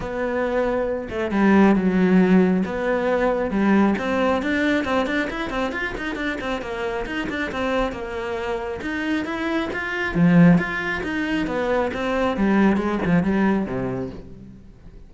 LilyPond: \new Staff \with { instrumentName = "cello" } { \time 4/4 \tempo 4 = 136 b2~ b8 a8 g4 | fis2 b2 | g4 c'4 d'4 c'8 d'8 | e'8 c'8 f'8 dis'8 d'8 c'8 ais4 |
dis'8 d'8 c'4 ais2 | dis'4 e'4 f'4 f4 | f'4 dis'4 b4 c'4 | g4 gis8 f8 g4 c4 | }